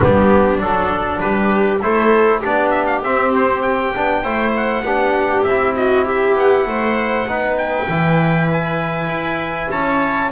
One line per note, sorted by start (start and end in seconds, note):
0.00 0.60 G3
0.00 0.58 B3
0.00 1.20 D4
0.00 0.60 G4
0.58 1.21 F#3
0.58 1.79 D4
0.58 1.20 A4
1.20 1.82 G3
1.20 1.81 G4
1.20 1.80 B4
1.81 2.43 A3
1.81 2.42 E4
1.81 2.39 A4
1.81 2.42 C5
2.39 3.03 B3
2.39 3.03 D4
2.39 4.21 G4
2.39 2.70 D5
2.70 2.85 E5
2.86 3.01 F5
3.03 3.94 C4
3.03 3.33 E5
3.35 3.61 C5
3.61 4.52 G5
3.94 4.24 B3
3.94 4.23 D4
4.22 4.81 A3
4.22 4.84 E4
4.22 4.83 C5
4.56 5.43 F#5
4.81 5.42 B3
4.81 5.47 D4
4.81 5.75 G4
5.43 6.35 C4
5.43 5.73 E5
5.49 7.27 E4
5.76 6.05 F#4
5.76 6.06 D#5
6.05 6.66 G4
6.05 6.37 E5
6.35 6.65 B3
6.35 7.57 F#5
6.65 7.26 A3
6.65 7.28 C5
7.26 7.87 B3
7.26 7.88 D#4
7.26 9.70 B4
7.57 8.48 G5
7.88 9.07 E3
7.88 10.31 E4
8.52 9.71 G#5
9.07 9.68 E4
9.71 10.31 C#4
9.71 10.31 C#5
9.71 10.31 A5